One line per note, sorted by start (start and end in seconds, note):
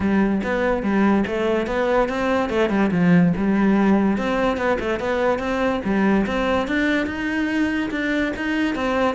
0.00 0.41 G3
0.43 0.82 B3
0.82 1.24 G3
1.26 1.67 A3
1.67 2.08 B3
2.08 2.49 C4
2.49 2.69 A3
2.69 2.90 G3
2.91 3.33 F3
3.37 4.17 G3
4.17 4.57 C4
4.57 4.77 B3
4.79 4.99 A3
4.99 5.39 B3
5.39 5.80 C4
5.84 6.26 G3
6.26 6.67 C4
6.67 7.06 D4
7.06 7.90 D#4
7.91 8.32 D4
8.36 8.75 D#4
8.75 9.15 C4